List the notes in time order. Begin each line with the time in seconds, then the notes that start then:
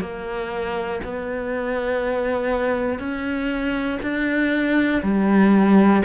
0.00 A#3
1.04 B3
2.99 C#4
4.02 D4
5.03 G3